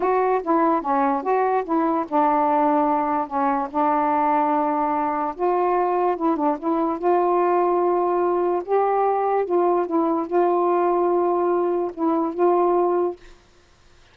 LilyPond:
\new Staff \with { instrumentName = "saxophone" } { \time 4/4 \tempo 4 = 146 fis'4 e'4 cis'4 fis'4 | e'4 d'2. | cis'4 d'2.~ | d'4 f'2 e'8 d'8 |
e'4 f'2.~ | f'4 g'2 f'4 | e'4 f'2.~ | f'4 e'4 f'2 | }